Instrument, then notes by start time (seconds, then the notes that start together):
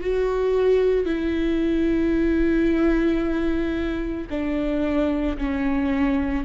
viola
0.00 F#4
1.05 E4
4.30 D4
5.37 C#4